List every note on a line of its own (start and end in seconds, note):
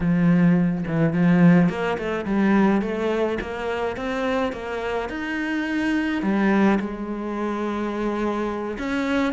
0.00 0.84 F3
0.87 1.13 E3
1.13 1.69 F3
1.69 1.97 A#3
1.98 2.25 A3
2.25 2.81 G3
2.81 3.38 A3
3.40 3.96 A#3
3.96 4.52 C4
4.52 5.09 A#3
5.09 6.22 D#4
6.22 6.78 G3
6.79 8.77 G#3
8.78 9.33 C#4